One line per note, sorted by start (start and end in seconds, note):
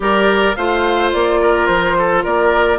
0.00 0.55 G3
0.00 0.54 G4
0.00 0.56 A#4
0.00 0.55 D5
0.55 1.13 A3
0.55 2.78 F4
0.55 1.40 C5
0.55 1.11 F5
1.12 1.68 A#3
1.12 1.66 D5
1.41 1.97 A#4
1.66 2.24 F3
1.66 2.22 C5
1.98 2.23 A4
2.23 2.78 A#3
2.23 2.78 A#4
2.23 2.78 D5